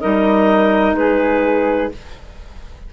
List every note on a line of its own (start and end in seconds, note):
0.00 0.93 G3
0.00 1.91 D#4
0.00 0.96 A#4
0.00 0.95 D#5
0.93 1.88 G#3
0.93 1.92 G#4
0.93 1.91 B4